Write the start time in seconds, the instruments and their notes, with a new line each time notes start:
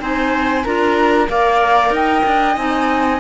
0.00 cello C4, clarinet D#4, viola C5, flute G#5
0.64 cello D4, clarinet F4, viola A#4, flute A#5
1.28 cello A#3, clarinet A#4, viola D5, flute F5
1.91 cello D#4, viola D#5, flute G5
2.26 cello D4
2.56 cello C4, clarinet D#4, flute G#5